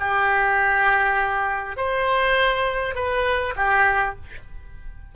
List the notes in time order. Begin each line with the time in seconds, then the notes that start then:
0.00 G4
1.77 C5
2.95 B4
3.56 G4